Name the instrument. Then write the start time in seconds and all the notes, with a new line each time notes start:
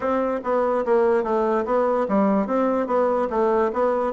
bassoon
0.00 C4
0.43 B3
0.85 A#3
1.23 A3
1.65 B3
2.08 G3
2.46 C4
2.86 B3
3.30 A3
3.73 B3